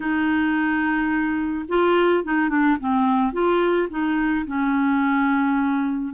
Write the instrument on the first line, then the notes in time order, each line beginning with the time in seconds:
clarinet
0.00 D#4
1.68 F4
2.23 D#4
2.49 D4
2.80 C4
3.32 F4
3.90 D#4
4.46 C#4